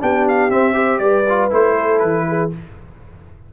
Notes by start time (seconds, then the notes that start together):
0.00 B3 D4 G4 G5
0.28 F5
0.49 C4 E5
0.73 G4 C5
0.98 G3 B4 D5
1.29 F4
1.50 A3 E4 C5
1.76 A4
1.99 E3 B4
2.28 G#4